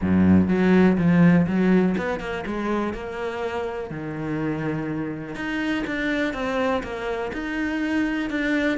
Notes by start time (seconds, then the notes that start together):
0.01 F#2
0.48 F#3
0.97 F3
1.47 F#3
1.97 B3
2.20 A#3
2.46 G#3
2.93 A#3
3.90 D#3
5.35 D#4
5.86 D4
6.33 C4
6.83 A#3
7.32 D#4
8.29 D4